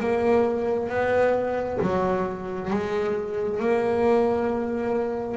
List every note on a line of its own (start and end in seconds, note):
0.00 0.89 A#3
0.89 1.79 B3
1.81 2.71 F#3
2.71 3.60 G#3
3.60 5.37 A#3